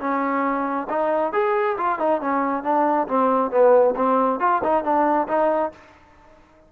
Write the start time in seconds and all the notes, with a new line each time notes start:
0.00 C#4
0.90 D#4
1.33 G#4
1.77 F4
1.99 D#4
2.21 C#4
2.64 D4
3.08 C4
3.51 B3
3.96 C4
4.40 F4
4.64 D#4
4.84 D4
5.28 D#4